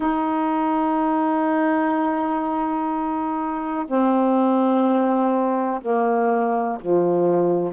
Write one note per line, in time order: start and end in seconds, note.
0.00 3.85 D#4
3.87 5.80 C4
5.81 6.78 A#3
6.80 7.72 F3